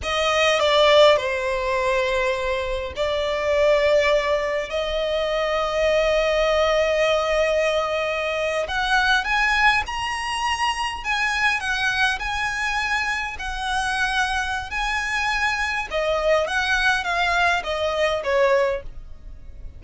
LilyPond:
\new Staff \with { instrumentName = "violin" } { \time 4/4 \tempo 4 = 102 dis''4 d''4 c''2~ | c''4 d''2. | dis''1~ | dis''2~ dis''8. fis''4 gis''16~ |
gis''8. ais''2 gis''4 fis''16~ | fis''8. gis''2 fis''4~ fis''16~ | fis''4 gis''2 dis''4 | fis''4 f''4 dis''4 cis''4 | }